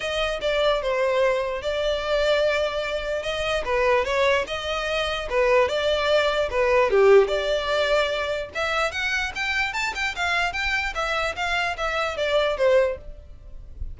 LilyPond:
\new Staff \with { instrumentName = "violin" } { \time 4/4 \tempo 4 = 148 dis''4 d''4 c''2 | d''1 | dis''4 b'4 cis''4 dis''4~ | dis''4 b'4 d''2 |
b'4 g'4 d''2~ | d''4 e''4 fis''4 g''4 | a''8 g''8 f''4 g''4 e''4 | f''4 e''4 d''4 c''4 | }